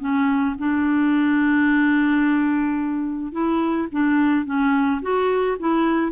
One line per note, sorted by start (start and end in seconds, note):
0.00 0.56 C#4
0.59 3.32 D4
3.32 3.88 E4
3.92 4.46 D4
4.46 5.01 C#4
5.02 5.58 F#4
5.60 6.12 E4